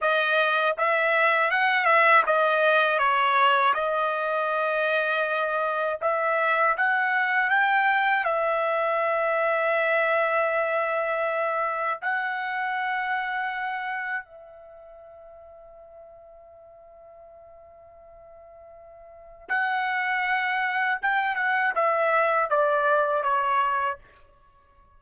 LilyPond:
\new Staff \with { instrumentName = "trumpet" } { \time 4/4 \tempo 4 = 80 dis''4 e''4 fis''8 e''8 dis''4 | cis''4 dis''2. | e''4 fis''4 g''4 e''4~ | e''1 |
fis''2. e''4~ | e''1~ | e''2 fis''2 | g''8 fis''8 e''4 d''4 cis''4 | }